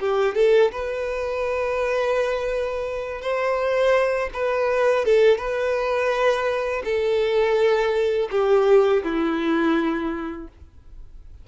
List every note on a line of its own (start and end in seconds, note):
0.00 0.35 G4
0.35 0.71 A4
0.72 3.22 B4
3.22 4.30 C5
4.33 5.05 B4
5.05 5.38 A4
5.38 6.83 B4
6.85 8.29 A4
8.31 9.03 G4
9.04 10.48 E4